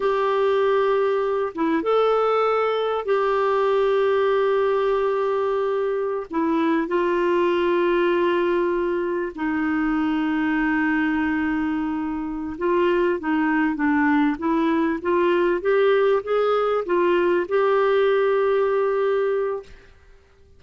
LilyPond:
\new Staff \with { instrumentName = "clarinet" } { \time 4/4 \tempo 4 = 98 g'2~ g'8 e'8 a'4~ | a'4 g'2.~ | g'2~ g'16 e'4 f'8.~ | f'2.~ f'16 dis'8.~ |
dis'1~ | dis'8 f'4 dis'4 d'4 e'8~ | e'8 f'4 g'4 gis'4 f'8~ | f'8 g'2.~ g'8 | }